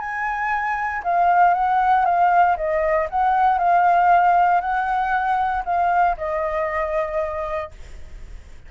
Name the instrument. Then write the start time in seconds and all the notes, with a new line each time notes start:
flute
0.00 G#5
1.04 F5
1.54 F#5
2.05 F5
2.57 D#5
3.10 F#5
3.59 F5
4.61 F#5
5.65 F5
6.17 D#5